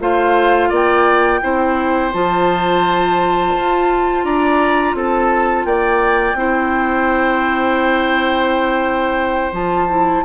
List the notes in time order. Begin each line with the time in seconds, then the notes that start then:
0.00 A3 F4 C5 F5
0.69 A#3 D5 G5
1.41 C4 E4 C5
2.13 F3 F4 A5
3.55 F4
4.24 D4 D5 A#5
4.94 C4 A4 A5
5.65 A#3 D5 G5
6.34 C4 E4 C5
9.52 F3 F4 A5
9.89 E4